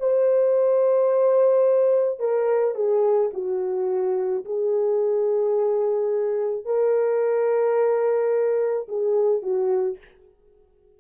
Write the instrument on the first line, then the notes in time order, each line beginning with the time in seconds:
horn
0.00 C5
2.20 A#4
2.76 G#4
3.34 F#4
4.45 G#4
6.66 A#4
8.88 G#4
9.43 F#4